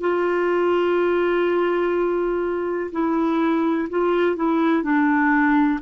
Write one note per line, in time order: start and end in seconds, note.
0.00 2.90 F4
2.91 3.88 E4
3.89 4.36 F4
4.36 4.83 E4
4.83 5.79 D4